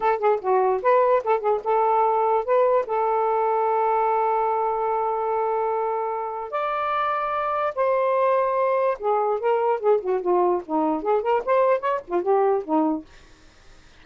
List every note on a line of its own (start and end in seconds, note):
0.00 0.18 A4
0.18 0.39 G#4
0.41 0.82 F#4
0.82 1.23 B4
1.24 1.40 A4
1.40 1.60 G#4
1.63 2.44 A4
2.44 2.85 B4
2.86 6.51 A4
6.51 7.73 D5
7.75 8.97 C5
8.99 9.39 G#4
9.39 9.80 A#4
9.80 10.00 G#4
10.01 10.21 F#4
10.21 10.62 F4
10.66 11.02 D#4
11.02 11.22 G#4
11.22 11.42 A#4
11.45 11.80 C5
11.80 12.00 C#5
12.07 12.22 F4
12.22 12.63 G4
12.64 13.04 D#4